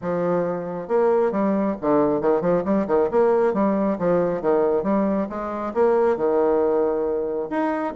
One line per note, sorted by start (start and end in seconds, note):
0.01 0.88 F3
0.88 1.31 A#3
1.31 1.75 G3
1.81 2.21 D3
2.21 2.41 D#3
2.41 2.63 F3
2.64 2.86 G3
2.87 3.09 D#3
3.11 3.53 A#3
3.53 3.97 G3
3.98 4.41 F3
4.41 4.83 D#3
4.83 5.27 G3
5.29 5.73 G#3
5.74 6.16 A#3
6.16 7.49 D#3
7.50 7.94 D#4